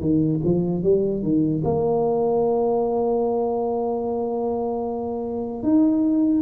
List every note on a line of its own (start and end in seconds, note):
0.00 0.40 D#3
0.44 0.83 F3
0.83 1.23 G3
1.23 1.63 D#3
1.64 5.63 A#3
5.63 6.42 D#4